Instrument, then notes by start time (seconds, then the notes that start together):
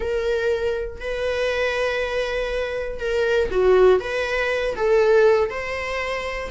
viola
0.00 A#4
1.00 B4
2.99 A#4
3.50 F#4
4.00 B4
4.76 A4
5.50 C5